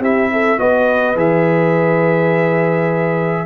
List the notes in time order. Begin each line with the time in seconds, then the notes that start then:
0.00 C4 E4 G4 E5
0.32 A4
0.58 B3 F#4 B4 D#5
1.15 E3 G#4 E5